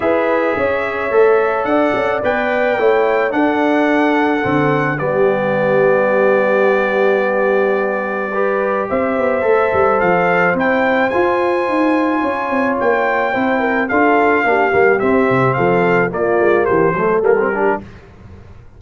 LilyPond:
<<
  \new Staff \with { instrumentName = "trumpet" } { \time 4/4 \tempo 4 = 108 e''2. fis''4 | g''2 fis''2~ | fis''4 d''2.~ | d''1 |
e''2 f''4 g''4 | gis''2. g''4~ | g''4 f''2 e''4 | f''4 d''4 c''4 ais'4 | }
  \new Staff \with { instrumentName = "horn" } { \time 4/4 b'4 cis''2 d''4~ | d''4 cis''4 a'2~ | a'4 g'2.~ | g'2. b'4 |
c''1~ | c''2 cis''2 | c''8 ais'8 a'4 g'2 | a'4 f'4 g'8 a'4 g'8 | }
  \new Staff \with { instrumentName = "trombone" } { \time 4/4 gis'2 a'2 | b'4 e'4 d'2 | c'4 b2.~ | b2. g'4~ |
g'4 a'2 e'4 | f'1 | e'4 f'4 d'8 ais8 c'4~ | c'4 ais4. a8 ais16 c'16 d'8 | }
  \new Staff \with { instrumentName = "tuba" } { \time 4/4 e'4 cis'4 a4 d'8 cis'8 | b4 a4 d'2 | d4 g2.~ | g1 |
c'8 b8 a8 g8 f4 c'4 | f'4 dis'4 cis'8 c'8 ais4 | c'4 d'4 ais8 g8 c'8 c8 | f4 ais8 gis8 e8 fis8 g4 | }
>>